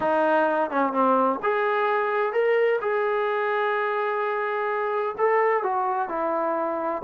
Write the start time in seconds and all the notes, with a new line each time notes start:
0.00 D#4
0.70 C#4
0.92 C4
1.43 G#4
2.32 A#4
2.81 G#4
5.18 A4
5.63 F#4
6.08 E4